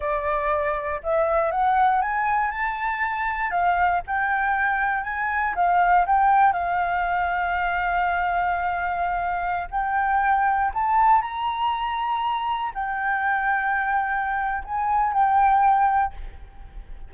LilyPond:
\new Staff \with { instrumentName = "flute" } { \time 4/4 \tempo 4 = 119 d''2 e''4 fis''4 | gis''4 a''2 f''4 | g''2 gis''4 f''4 | g''4 f''2.~ |
f''2.~ f''16 g''8.~ | g''4~ g''16 a''4 ais''4.~ ais''16~ | ais''4~ ais''16 g''2~ g''8.~ | g''4 gis''4 g''2 | }